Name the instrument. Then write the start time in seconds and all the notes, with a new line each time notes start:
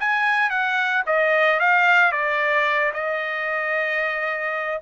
trumpet
0.00 G#5
0.50 F#5
1.06 D#5
1.60 F5
2.12 D5
2.93 D#5